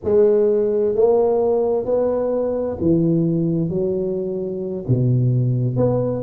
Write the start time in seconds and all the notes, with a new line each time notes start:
0.04 G#3
0.95 A#3
1.85 B3
2.80 E3
3.69 F#3
4.88 B2
5.76 B3